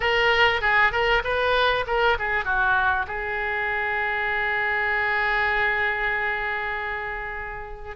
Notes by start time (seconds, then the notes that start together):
0.00 A#4
0.61 G#4
0.92 A#4
1.24 B4
1.86 A#4
2.18 G#4
2.45 F#4
3.07 G#4